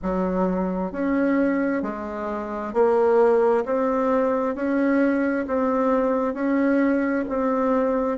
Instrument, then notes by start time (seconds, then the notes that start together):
bassoon
0.02 F#3
0.92 C#4
1.82 G#3
2.73 A#3
3.65 C4
4.55 C#4
5.47 C4
6.33 C#4
7.29 C4